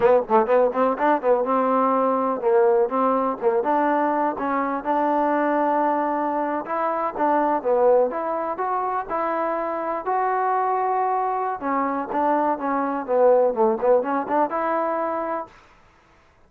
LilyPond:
\new Staff \with { instrumentName = "trombone" } { \time 4/4 \tempo 4 = 124 b8 a8 b8 c'8 d'8 b8 c'4~ | c'4 ais4 c'4 ais8 d'8~ | d'4 cis'4 d'2~ | d'4.~ d'16 e'4 d'4 b16~ |
b8. e'4 fis'4 e'4~ e'16~ | e'8. fis'2.~ fis'16 | cis'4 d'4 cis'4 b4 | a8 b8 cis'8 d'8 e'2 | }